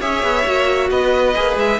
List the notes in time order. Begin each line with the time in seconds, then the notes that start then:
0.00 C#4 G#4 C#5 E5
0.23 B3
0.45 A#3 F#4
0.90 B3 B4 D#5
1.35 A#3 G#4
1.57 G#3 E5